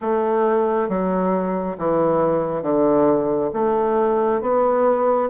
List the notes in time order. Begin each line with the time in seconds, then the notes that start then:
0.01 A3
0.88 F#3
1.78 E3
2.62 D3
3.53 A3
4.41 B3